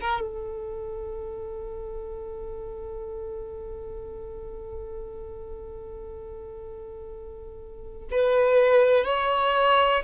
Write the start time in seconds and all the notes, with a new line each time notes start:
0.00 A#4
0.21 A4
8.11 B4
9.04 C#5